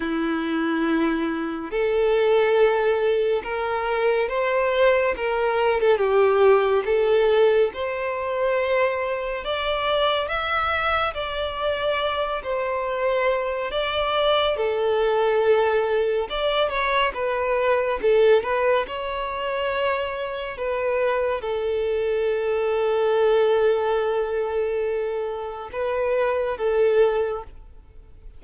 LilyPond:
\new Staff \with { instrumentName = "violin" } { \time 4/4 \tempo 4 = 70 e'2 a'2 | ais'4 c''4 ais'8. a'16 g'4 | a'4 c''2 d''4 | e''4 d''4. c''4. |
d''4 a'2 d''8 cis''8 | b'4 a'8 b'8 cis''2 | b'4 a'2.~ | a'2 b'4 a'4 | }